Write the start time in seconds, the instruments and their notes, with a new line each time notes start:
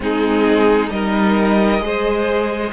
0.00 cello G#3, viola C4, violin D#4 G#4
0.90 cello G3, viola D#4, violin A#4 D#5
1.80 cello G#3, viola G#4, violin C5